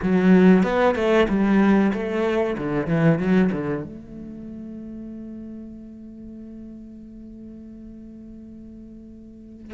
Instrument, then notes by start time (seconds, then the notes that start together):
cello
0.02 F#3
0.63 B3
0.95 A3
1.28 G3
1.93 A3
2.57 D3
2.87 E3
3.18 F#3
3.52 D3
3.84 A3